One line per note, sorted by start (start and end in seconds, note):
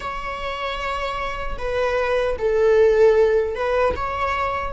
0.00 1.57 C#5
1.58 2.36 B4
2.38 3.55 A4
3.55 3.94 B4
3.95 4.72 C#5